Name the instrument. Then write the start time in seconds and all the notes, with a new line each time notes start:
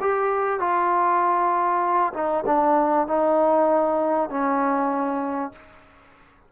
trombone
0.00 G4
0.60 F4
2.13 D#4
2.46 D4
3.07 D#4
4.29 C#4